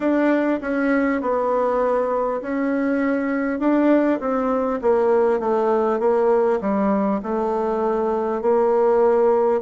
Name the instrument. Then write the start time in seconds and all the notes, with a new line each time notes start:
bassoon
0.00 D4
0.61 C#4
1.21 B3
2.41 C#4
3.59 D4
4.20 C4
4.81 A#3
5.39 A3
5.99 A#3
6.61 G3
7.22 A3
8.41 A#3